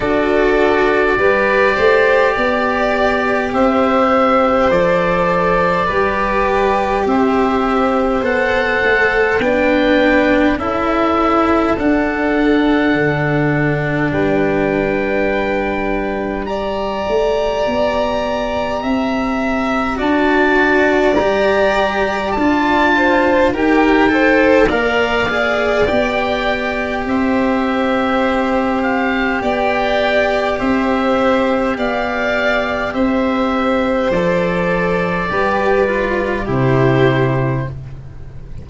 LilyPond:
<<
  \new Staff \with { instrumentName = "oboe" } { \time 4/4 \tempo 4 = 51 d''2. e''4 | d''2 e''4 fis''4 | g''4 e''4 fis''2 | g''2 ais''2~ |
ais''4 a''4 ais''4 a''4 | g''4 f''4 g''4 e''4~ | e''8 f''8 g''4 e''4 f''4 | e''4 d''2 c''4 | }
  \new Staff \with { instrumentName = "violin" } { \time 4/4 a'4 b'8 c''8 d''4 c''4~ | c''4 b'4 c''2 | b'4 a'2. | b'2 d''2 |
e''4 d''2~ d''8 c''8 | ais'8 c''8 d''2 c''4~ | c''4 d''4 c''4 d''4 | c''2 b'4 g'4 | }
  \new Staff \with { instrumentName = "cello" } { \time 4/4 fis'4 g'2. | a'4 g'2 a'4 | d'4 e'4 d'2~ | d'2 g'2~ |
g'4 fis'4 g'4 f'4 | g'8 a'8 ais'8 gis'8 g'2~ | g'1~ | g'4 a'4 g'8 f'8 e'4 | }
  \new Staff \with { instrumentName = "tuba" } { \time 4/4 d'4 g8 a8 b4 c'4 | f4 g4 c'4 b8 a8 | b4 cis'4 d'4 d4 | g2~ g8 a8 b4 |
c'4 d'4 g4 d'4 | dis'4 ais4 b4 c'4~ | c'4 b4 c'4 b4 | c'4 f4 g4 c4 | }
>>